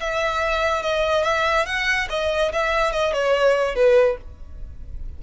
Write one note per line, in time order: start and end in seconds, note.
0.00 0.83 E5
0.83 1.24 D#5
1.24 1.66 E5
1.66 2.08 F#5
2.10 2.52 D#5
2.53 2.92 E5
2.92 3.13 D#5
3.13 3.75 C#5
3.75 4.17 B4